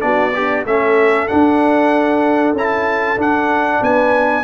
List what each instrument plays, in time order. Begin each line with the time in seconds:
0.00 tuba B3, trombone D4, horn F#4, trumpet D5
0.34 horn D4, trombone G4
0.65 tuba A3, trombone C#4, horn A4, trumpet E5
1.27 trombone D4, tuba D4, trumpet F#5
2.53 tuba C#4, trombone E4, trumpet A5
3.16 tuba D4, trombone D4, trumpet F#5
3.81 tuba B3, horn B4, trumpet G#5